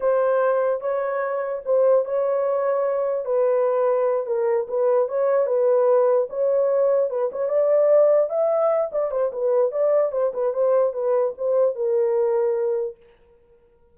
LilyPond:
\new Staff \with { instrumentName = "horn" } { \time 4/4 \tempo 4 = 148 c''2 cis''2 | c''4 cis''2. | b'2~ b'8 ais'4 b'8~ | b'8 cis''4 b'2 cis''8~ |
cis''4. b'8 cis''8 d''4.~ | d''8 e''4. d''8 c''8 b'4 | d''4 c''8 b'8 c''4 b'4 | c''4 ais'2. | }